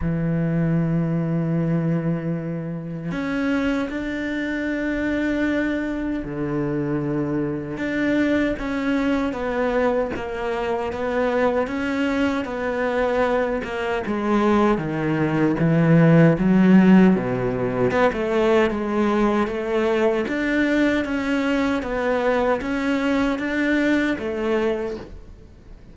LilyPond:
\new Staff \with { instrumentName = "cello" } { \time 4/4 \tempo 4 = 77 e1 | cis'4 d'2. | d2 d'4 cis'4 | b4 ais4 b4 cis'4 |
b4. ais8 gis4 dis4 | e4 fis4 b,4 b16 a8. | gis4 a4 d'4 cis'4 | b4 cis'4 d'4 a4 | }